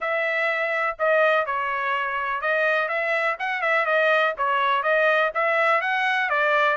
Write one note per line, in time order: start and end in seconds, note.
0.00 0.97 E5
0.98 1.46 D#5
1.46 2.41 C#5
2.41 2.88 D#5
2.88 3.36 E5
3.39 3.61 F#5
3.61 3.85 E5
3.85 4.34 D#5
4.37 4.82 C#5
4.82 5.31 D#5
5.34 5.81 E5
5.81 6.29 F#5
6.29 6.76 D5